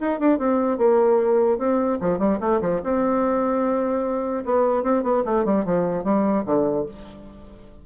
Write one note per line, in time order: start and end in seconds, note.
0.00 0.19 D#4
0.19 0.39 D4
0.39 0.78 C4
0.78 1.58 A#3
1.58 1.99 C4
2.01 2.19 F3
2.19 2.39 G3
2.40 2.60 A3
2.61 2.81 F3
2.83 4.44 C4
4.45 4.83 B3
4.83 5.03 C4
5.03 5.23 B3
5.25 5.45 A3
5.45 5.65 G3
5.65 6.04 F3
6.04 6.44 G3
6.45 6.85 D3